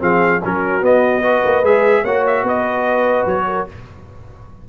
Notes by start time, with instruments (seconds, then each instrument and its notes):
0.00 tuba F3, trombone C4, horn G#4, trumpet F5
0.44 tuba F#3, trombone C#4, horn F#4, trumpet A#4
0.82 trombone B3, tuba B3, trumpet D#5
1.23 trombone F#4, horn B4
1.45 tuba A#3
1.63 tuba G#3, trombone G#4, trumpet E5
2.03 tuba A#3, trombone F#4, horn C#5, trumpet F#5
2.27 trumpet E5
2.43 tuba B3, horn B4, trumpet D#5
3.26 tuba F#3, trumpet C#5
3.48 horn A#4